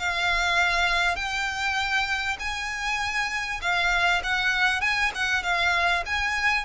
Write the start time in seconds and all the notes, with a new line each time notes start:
0.00 F5
1.16 G5
2.40 G#5
3.62 F5
4.24 F#5
4.82 G#5
5.15 F#5
5.44 F5
6.06 G#5